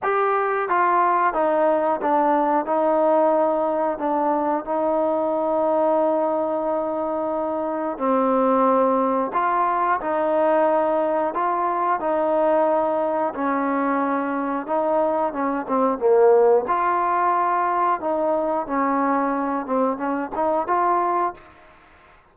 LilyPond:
\new Staff \with { instrumentName = "trombone" } { \time 4/4 \tempo 4 = 90 g'4 f'4 dis'4 d'4 | dis'2 d'4 dis'4~ | dis'1 | c'2 f'4 dis'4~ |
dis'4 f'4 dis'2 | cis'2 dis'4 cis'8 c'8 | ais4 f'2 dis'4 | cis'4. c'8 cis'8 dis'8 f'4 | }